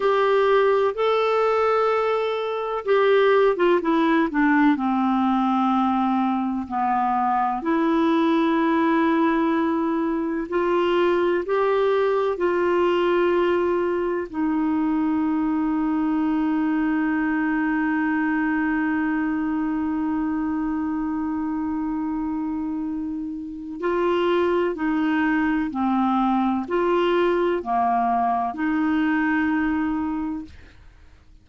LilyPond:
\new Staff \with { instrumentName = "clarinet" } { \time 4/4 \tempo 4 = 63 g'4 a'2 g'8. f'16 | e'8 d'8 c'2 b4 | e'2. f'4 | g'4 f'2 dis'4~ |
dis'1~ | dis'1~ | dis'4 f'4 dis'4 c'4 | f'4 ais4 dis'2 | }